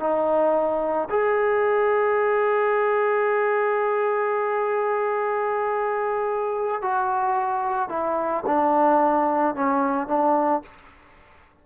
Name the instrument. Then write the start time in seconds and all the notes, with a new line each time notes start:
trombone
0.00 D#4
1.10 G#4
6.82 F#4
7.89 E4
8.47 D4
9.56 C#4
10.08 D4